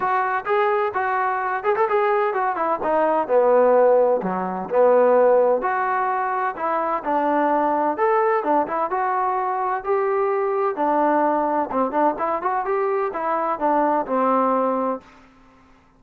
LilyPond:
\new Staff \with { instrumentName = "trombone" } { \time 4/4 \tempo 4 = 128 fis'4 gis'4 fis'4. gis'16 a'16 | gis'4 fis'8 e'8 dis'4 b4~ | b4 fis4 b2 | fis'2 e'4 d'4~ |
d'4 a'4 d'8 e'8 fis'4~ | fis'4 g'2 d'4~ | d'4 c'8 d'8 e'8 fis'8 g'4 | e'4 d'4 c'2 | }